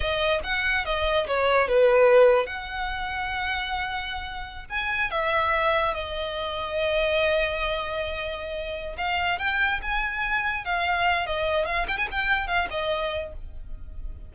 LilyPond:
\new Staff \with { instrumentName = "violin" } { \time 4/4 \tempo 4 = 144 dis''4 fis''4 dis''4 cis''4 | b'2 fis''2~ | fis''2.~ fis''16 gis''8.~ | gis''16 e''2 dis''4.~ dis''16~ |
dis''1~ | dis''4. f''4 g''4 gis''8~ | gis''4. f''4. dis''4 | f''8 g''16 gis''16 g''4 f''8 dis''4. | }